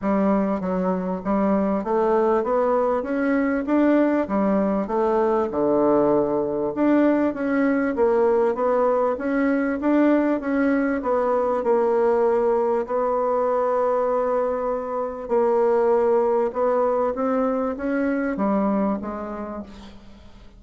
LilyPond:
\new Staff \with { instrumentName = "bassoon" } { \time 4/4 \tempo 4 = 98 g4 fis4 g4 a4 | b4 cis'4 d'4 g4 | a4 d2 d'4 | cis'4 ais4 b4 cis'4 |
d'4 cis'4 b4 ais4~ | ais4 b2.~ | b4 ais2 b4 | c'4 cis'4 g4 gis4 | }